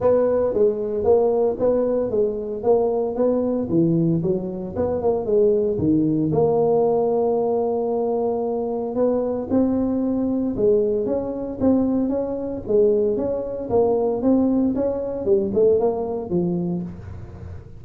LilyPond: \new Staff \with { instrumentName = "tuba" } { \time 4/4 \tempo 4 = 114 b4 gis4 ais4 b4 | gis4 ais4 b4 e4 | fis4 b8 ais8 gis4 dis4 | ais1~ |
ais4 b4 c'2 | gis4 cis'4 c'4 cis'4 | gis4 cis'4 ais4 c'4 | cis'4 g8 a8 ais4 f4 | }